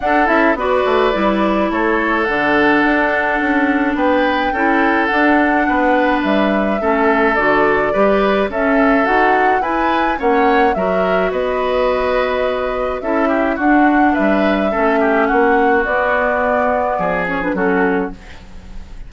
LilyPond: <<
  \new Staff \with { instrumentName = "flute" } { \time 4/4 \tempo 4 = 106 fis''8 e''8 d''2 cis''4 | fis''2. g''4~ | g''4 fis''2 e''4~ | e''4 d''2 e''4 |
fis''4 gis''4 fis''4 e''4 | dis''2. e''4 | fis''4 e''2 fis''4 | d''2~ d''8 cis''16 b'16 a'4 | }
  \new Staff \with { instrumentName = "oboe" } { \time 4/4 a'4 b'2 a'4~ | a'2. b'4 | a'2 b'2 | a'2 b'4 a'4~ |
a'4 b'4 cis''4 ais'4 | b'2. a'8 g'8 | fis'4 b'4 a'8 g'8 fis'4~ | fis'2 gis'4 fis'4 | }
  \new Staff \with { instrumentName = "clarinet" } { \time 4/4 d'8 e'8 fis'4 e'2 | d'1 | e'4 d'2. | cis'4 fis'4 g'4 cis'4 |
fis'4 e'4 cis'4 fis'4~ | fis'2. e'4 | d'2 cis'2 | b2~ b8 cis'16 d'16 cis'4 | }
  \new Staff \with { instrumentName = "bassoon" } { \time 4/4 d'8 cis'8 b8 a8 g4 a4 | d4 d'4 cis'4 b4 | cis'4 d'4 b4 g4 | a4 d4 g4 cis'4 |
dis'4 e'4 ais4 fis4 | b2. cis'4 | d'4 g4 a4 ais4 | b2 f4 fis4 | }
>>